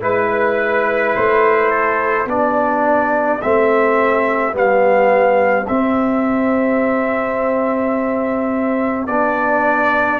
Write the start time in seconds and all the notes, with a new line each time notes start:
0.00 G#3 E4 B4
1.15 A3 C5
1.70 A4
2.25 B3 D4 G4 D5
3.41 A3 C4 E5
4.52 G3 B3 F5
5.67 C4 E5
9.07 B3 D4 D5